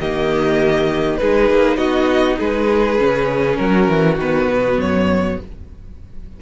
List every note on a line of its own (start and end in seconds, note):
0.00 1.20 D#3
0.00 1.20 A#3
0.00 1.20 G4
0.00 1.17 D#5
1.17 1.50 G#3
1.17 2.98 D#4
1.17 1.78 G#4
1.17 1.77 B4
1.50 1.77 A#3
1.77 2.37 B3
1.77 2.38 F#4
1.77 2.37 D#5
2.39 3.00 G#3
2.39 3.59 G#4
2.39 3.56 B4
2.98 3.59 C#3
2.98 4.18 C#4
3.56 3.88 F#3
3.56 5.40 F#4
3.56 4.16 A#4
3.88 4.17 E3
4.17 4.47 D#3
4.17 5.42 B3
4.17 4.80 B4
4.48 4.78 B2
4.78 5.38 F#2
4.78 5.40 C#5